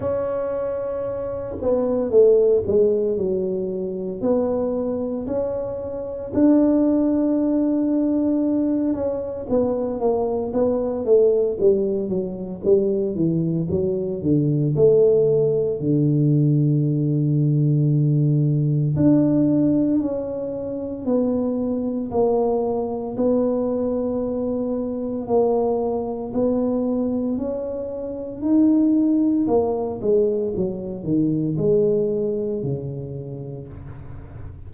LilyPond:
\new Staff \with { instrumentName = "tuba" } { \time 4/4 \tempo 4 = 57 cis'4. b8 a8 gis8 fis4 | b4 cis'4 d'2~ | d'8 cis'8 b8 ais8 b8 a8 g8 fis8 | g8 e8 fis8 d8 a4 d4~ |
d2 d'4 cis'4 | b4 ais4 b2 | ais4 b4 cis'4 dis'4 | ais8 gis8 fis8 dis8 gis4 cis4 | }